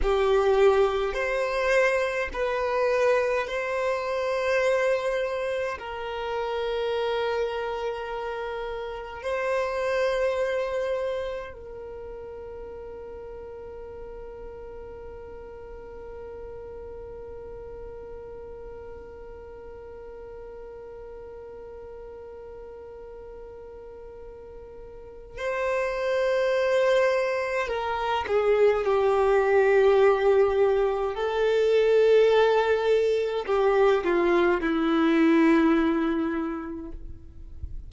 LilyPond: \new Staff \with { instrumentName = "violin" } { \time 4/4 \tempo 4 = 52 g'4 c''4 b'4 c''4~ | c''4 ais'2. | c''2 ais'2~ | ais'1~ |
ais'1~ | ais'2 c''2 | ais'8 gis'8 g'2 a'4~ | a'4 g'8 f'8 e'2 | }